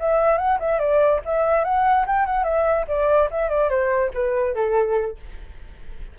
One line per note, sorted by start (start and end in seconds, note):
0.00 0.38 E5
0.38 0.59 F#5
0.60 0.79 E5
0.79 1.21 D5
1.25 1.64 E5
1.64 2.06 F#5
2.06 2.26 G5
2.26 2.44 F#5
2.44 2.86 E5
2.88 3.30 D5
3.30 3.49 E5
3.49 3.69 D5
3.69 4.11 C5
4.14 4.55 B4
4.55 5.17 A4